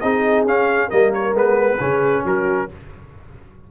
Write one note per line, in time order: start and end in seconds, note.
0.00 0.45 C4
0.00 0.47 D#4
0.00 0.88 G#4
0.00 0.44 D#5
0.45 0.89 C#4
0.45 0.90 C#4
0.45 0.90 F5
0.88 1.34 G3
0.88 1.34 A#3
0.88 1.77 A#4
0.88 1.12 D#5
1.14 1.36 C#5
1.34 1.78 G#3
1.34 1.78 B3
1.34 2.26 B4
1.79 2.25 C#3
1.79 2.69 C#4
1.79 2.23 G#4
2.25 2.69 F#3
2.25 2.70 F#4
2.25 2.71 A#4